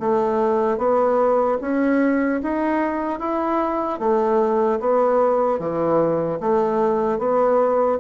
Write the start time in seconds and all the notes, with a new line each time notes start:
0.00 A3
0.78 B3
1.61 C#4
2.43 D#4
3.20 E4
4.00 A3
4.80 B3
5.59 E3
6.41 A3
7.19 B3